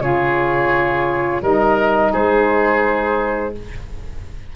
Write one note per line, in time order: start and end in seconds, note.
0.00 1.41 C#3
0.00 1.41 F4
0.00 1.42 G#4
0.00 1.42 C#5
1.41 2.12 G3
1.41 3.54 D#4
1.41 2.12 A#4
1.41 2.13 D#5
2.12 3.55 G#3
2.12 3.53 G#4
2.12 3.54 C5